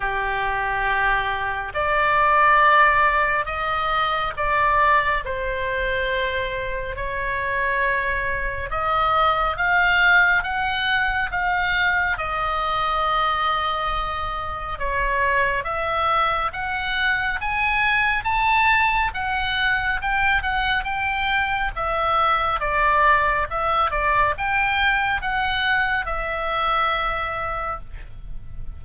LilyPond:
\new Staff \with { instrumentName = "oboe" } { \time 4/4 \tempo 4 = 69 g'2 d''2 | dis''4 d''4 c''2 | cis''2 dis''4 f''4 | fis''4 f''4 dis''2~ |
dis''4 cis''4 e''4 fis''4 | gis''4 a''4 fis''4 g''8 fis''8 | g''4 e''4 d''4 e''8 d''8 | g''4 fis''4 e''2 | }